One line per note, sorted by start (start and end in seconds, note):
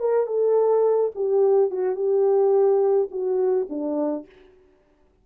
0.00 0.27 A#4
0.27 1.12 A4
1.15 1.71 G4
1.71 1.96 F#4
1.96 3.09 G4
3.11 3.68 F#4
3.70 4.26 D4